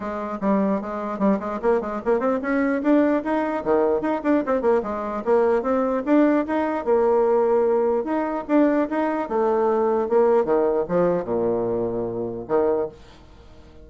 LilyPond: \new Staff \with { instrumentName = "bassoon" } { \time 4/4 \tempo 4 = 149 gis4 g4 gis4 g8 gis8 | ais8 gis8 ais8 c'8 cis'4 d'4 | dis'4 dis4 dis'8 d'8 c'8 ais8 | gis4 ais4 c'4 d'4 |
dis'4 ais2. | dis'4 d'4 dis'4 a4~ | a4 ais4 dis4 f4 | ais,2. dis4 | }